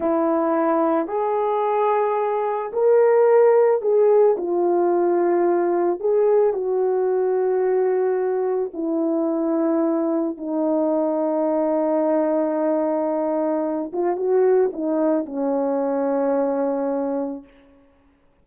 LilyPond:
\new Staff \with { instrumentName = "horn" } { \time 4/4 \tempo 4 = 110 e'2 gis'2~ | gis'4 ais'2 gis'4 | f'2. gis'4 | fis'1 |
e'2. dis'4~ | dis'1~ | dis'4. f'8 fis'4 dis'4 | cis'1 | }